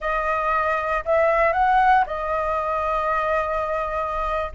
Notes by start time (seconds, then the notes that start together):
0.00 D#5
1.05 E5
1.53 F#5
2.06 D#5